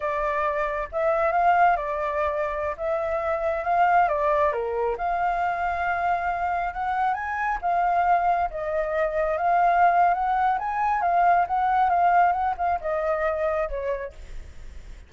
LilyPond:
\new Staff \with { instrumentName = "flute" } { \time 4/4 \tempo 4 = 136 d''2 e''4 f''4 | d''2~ d''16 e''4.~ e''16~ | e''16 f''4 d''4 ais'4 f''8.~ | f''2.~ f''16 fis''8.~ |
fis''16 gis''4 f''2 dis''8.~ | dis''4~ dis''16 f''4.~ f''16 fis''4 | gis''4 f''4 fis''4 f''4 | fis''8 f''8 dis''2 cis''4 | }